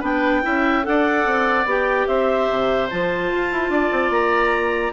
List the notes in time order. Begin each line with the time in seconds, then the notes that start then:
0.00 B3 D4 B4 G5
0.42 C#4 E4 E5
0.83 D4 A4 D5 F#5
1.26 C4
1.65 B3 G4 G5
2.07 C4 C5 E5
2.49 C3
2.89 F3 F4 A5
3.31 F4
3.52 E4
3.69 D4 D5
3.92 C4
4.10 A#3 A#5